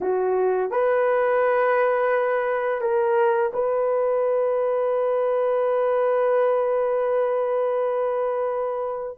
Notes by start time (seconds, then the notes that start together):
0.00 F#4
0.71 B4
2.81 A#4
3.53 B4